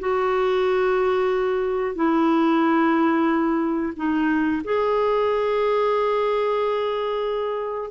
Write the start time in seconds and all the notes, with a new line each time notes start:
0.00 F#4
1.95 E4
3.97 D#4
4.65 G#4